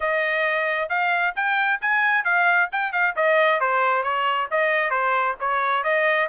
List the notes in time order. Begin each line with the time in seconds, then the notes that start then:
0.00 D#5
0.89 F5
1.35 G5
1.81 G#5
2.24 F5
2.72 G5
2.92 F5
3.15 D#5
3.60 C5
4.03 C#5
4.51 D#5
4.90 C5
5.40 C#5
5.83 D#5